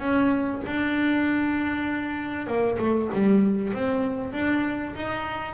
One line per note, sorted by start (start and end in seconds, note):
0.00 0.62 C#4
0.67 2.47 D4
2.47 2.78 A#3
2.79 3.10 A3
3.14 3.74 G3
3.74 4.33 C4
4.33 4.95 D4
4.96 5.54 D#4